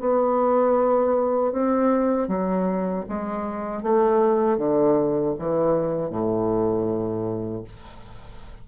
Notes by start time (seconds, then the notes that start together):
0.00 B3
1.52 C4
2.28 F#3
3.09 G#3
3.83 A3
4.58 D3
5.38 E3
6.10 A2